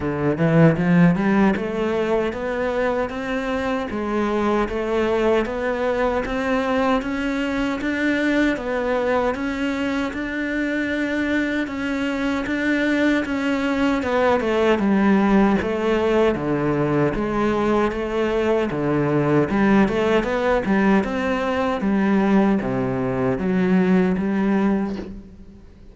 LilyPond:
\new Staff \with { instrumentName = "cello" } { \time 4/4 \tempo 4 = 77 d8 e8 f8 g8 a4 b4 | c'4 gis4 a4 b4 | c'4 cis'4 d'4 b4 | cis'4 d'2 cis'4 |
d'4 cis'4 b8 a8 g4 | a4 d4 gis4 a4 | d4 g8 a8 b8 g8 c'4 | g4 c4 fis4 g4 | }